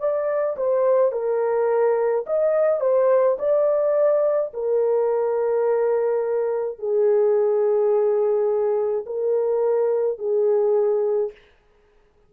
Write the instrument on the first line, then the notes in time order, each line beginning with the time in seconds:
horn
0.00 D5
0.58 C5
1.13 A#4
2.27 D#5
2.81 C5
3.39 D5
4.54 A#4
6.79 G#4
9.07 A#4
10.19 G#4